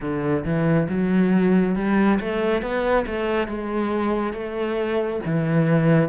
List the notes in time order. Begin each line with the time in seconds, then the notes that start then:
0.00 D3
0.44 E3
0.89 F#3
1.75 G3
2.20 A3
2.62 B3
3.06 A3
3.47 G#3
4.33 A3
5.25 E3